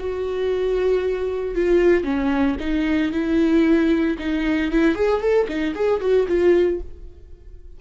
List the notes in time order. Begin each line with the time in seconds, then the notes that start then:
0.00 F#4
1.56 F4
2.05 C#4
2.60 D#4
3.12 E4
4.19 D#4
4.72 E4
4.95 G#4
5.21 A4
5.49 D#4
5.75 G#4
6.01 F#4
6.28 F4